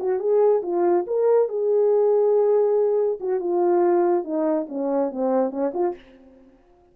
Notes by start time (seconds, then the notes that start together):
0.00 F#4
0.20 G#4
0.63 F4
1.07 A#4
1.49 G#4
3.20 F#4
3.40 F4
4.24 D#4
4.69 C#4
5.12 C4
5.51 C#4
5.74 F4